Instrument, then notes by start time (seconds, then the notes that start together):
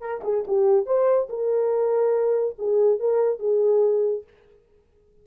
horn
0.00 A#4
0.23 G#4
0.47 G4
0.86 C5
1.29 A#4
2.58 G#4
2.99 A#4
3.39 G#4